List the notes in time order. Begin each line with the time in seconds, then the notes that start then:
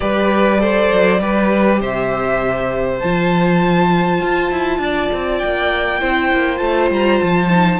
0.00 G3 G4 B4 D5
0.58 A4 C5
0.92 F#3
1.20 G3 G4 B4
1.80 C3 C5 E5
2.99 F3 F4 A5
4.21 F4
4.51 E4
4.78 D4 D5
5.12 C4
5.38 A#3 G5
6.00 C4 E4 C5
6.33 A#3
6.56 A3 F4 A5
6.90 G3 A#5
7.20 F3 A5
7.49 D#4